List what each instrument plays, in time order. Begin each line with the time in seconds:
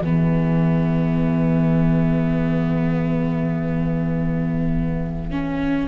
0.00 double bass E3, viola B3, horn G#4, flute E5
5.30 viola C#4